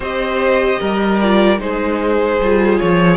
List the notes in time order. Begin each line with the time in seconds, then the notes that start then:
0.00 C4 G4 C5 D#5
0.79 G3 A#4
1.19 F4 D5
1.58 G#3 D#4 G#4 C5
2.40 G3 F4
2.78 F3 C#5